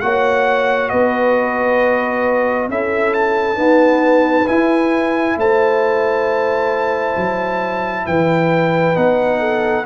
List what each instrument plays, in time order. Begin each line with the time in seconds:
0.00 tuba A#3, trombone F#4, horn C#5, trumpet F#5
0.89 tuba B3, horn B4, trumpet D#5
2.69 tuba C#4, trombone E4, horn A4, trumpet E5
3.14 trumpet A5
3.55 trombone B3, tuba D#4, horn B4
4.48 trombone E4, tuba E4, trumpet G#5
5.37 tuba A3, horn C5, trumpet A5
7.17 tuba F#3
8.06 tuba E3, horn B4, trumpet G5
8.95 tuba B3, trombone D#4, trumpet F#5
9.40 horn A4